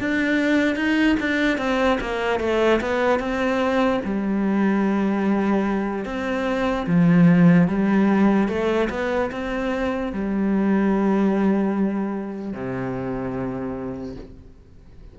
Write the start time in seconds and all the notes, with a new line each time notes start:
0.00 D4
0.76 D#4
1.20 D4
1.58 C4
2.00 A#3
2.40 A3
2.81 B3
3.19 C4
4.05 G3
6.05 C4
6.87 F3
7.68 G3
8.48 A3
8.90 B3
9.31 C4
10.12 G3
12.53 C3